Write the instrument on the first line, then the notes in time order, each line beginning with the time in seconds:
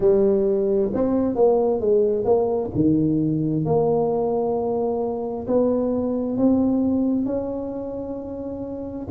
tuba
0.00 G3
0.93 C4
1.35 A#3
1.80 G#3
2.24 A#3
2.74 D#3
3.65 A#3
5.47 B3
6.37 C4
7.25 C#4